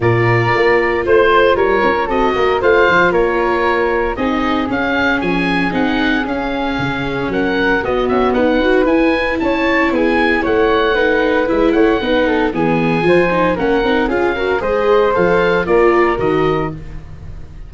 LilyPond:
<<
  \new Staff \with { instrumentName = "oboe" } { \time 4/4 \tempo 4 = 115 d''2 c''4 cis''4 | dis''4 f''4 cis''2 | dis''4 f''4 gis''4 fis''4 | f''2 fis''4 dis''8 e''8 |
fis''4 gis''4 a''4 gis''4 | fis''2 e''8 fis''4. | gis''2 fis''4 f''4 | dis''4 f''4 d''4 dis''4 | }
  \new Staff \with { instrumentName = "flute" } { \time 4/4 ais'2 c''4 ais'4 | a'8 ais'8 c''4 ais'2 | gis'1~ | gis'2 ais'4 fis'4 |
b'2 cis''4 gis'4 | cis''4 b'4. cis''8 b'8 a'8 | gis'4 c''4 ais'4 gis'8 ais'8 | c''2 ais'2 | }
  \new Staff \with { instrumentName = "viola" } { \time 4/4 f'1 | fis'4 f'2. | dis'4 cis'2 dis'4 | cis'2. b4~ |
b8 fis'8 e'2.~ | e'4 dis'4 e'4 dis'4 | b4 f'8 dis'8 cis'8 dis'8 f'8 fis'8 | gis'4 a'4 f'4 fis'4 | }
  \new Staff \with { instrumentName = "tuba" } { \time 4/4 ais,4 ais4 a4 g8 cis'8 | c'8 ais8 a8 f8 ais2 | c'4 cis'4 f4 c'4 | cis'4 cis4 fis4 b8 cis'8 |
dis'4 e'4 cis'4 b4 | a2 gis8 a8 b4 | e4 f4 ais8 c'8 cis'4 | gis4 f4 ais4 dis4 | }
>>